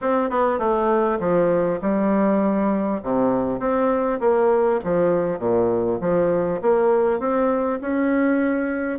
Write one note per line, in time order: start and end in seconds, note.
0.01 0.30 C4
0.30 0.58 B3
0.58 1.18 A3
1.19 1.79 F3
1.81 3.01 G3
3.02 3.59 C3
3.59 4.19 C4
4.20 4.80 A#3
4.84 5.38 F3
5.38 5.98 A#2
6.01 6.61 F3
6.61 7.19 A#3
7.19 7.79 C4
7.81 8.99 C#4